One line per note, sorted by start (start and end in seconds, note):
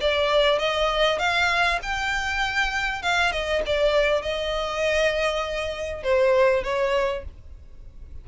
0.00 0.59 D5
0.59 1.18 D#5
1.18 1.79 F5
1.82 3.02 G5
3.02 3.32 F5
3.32 3.62 D#5
3.66 4.22 D5
4.22 6.03 D#5
6.03 6.64 C5
6.64 7.24 C#5